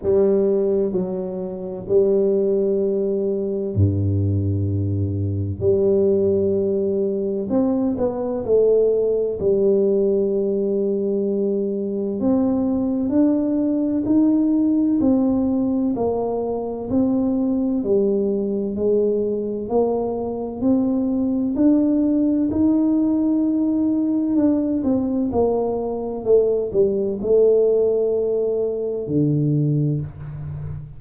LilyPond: \new Staff \with { instrumentName = "tuba" } { \time 4/4 \tempo 4 = 64 g4 fis4 g2 | g,2 g2 | c'8 b8 a4 g2~ | g4 c'4 d'4 dis'4 |
c'4 ais4 c'4 g4 | gis4 ais4 c'4 d'4 | dis'2 d'8 c'8 ais4 | a8 g8 a2 d4 | }